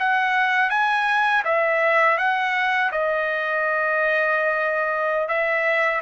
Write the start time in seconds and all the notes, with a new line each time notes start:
0.00 F#5
0.70 G#5
1.45 E5
2.19 F#5
2.92 D#5
5.29 E5